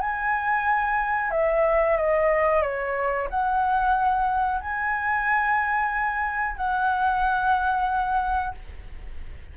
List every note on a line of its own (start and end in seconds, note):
0.00 1.30 G#5
1.30 1.96 E5
1.96 2.62 D#5
2.62 3.28 C#5
3.30 4.60 F#5
4.60 6.57 G#5
6.57 8.54 F#5